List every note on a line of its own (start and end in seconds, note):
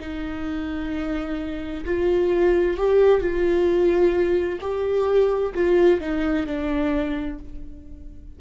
0.00 1.85 D#4
1.85 2.77 F4
2.77 3.21 G4
3.21 4.59 F4
4.61 5.53 G4
5.54 6.00 F4
6.00 6.47 D#4
6.47 7.39 D4